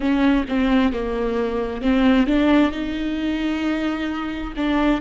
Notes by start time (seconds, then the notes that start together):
0.00 C#4
0.48 C4
0.93 A#3
1.81 C4
2.26 D4
2.71 D#4
4.56 D4